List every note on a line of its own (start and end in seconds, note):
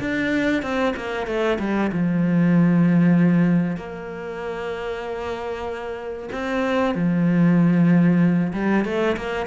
0.00 0.62 D4
0.62 0.94 C4
0.96 1.27 A#3
1.27 1.58 A3
1.59 1.91 G3
1.93 3.77 F3
3.77 6.29 A#3
6.32 6.95 C4
6.95 8.53 F3
8.53 8.85 G3
8.85 9.17 A3
9.17 9.47 A#3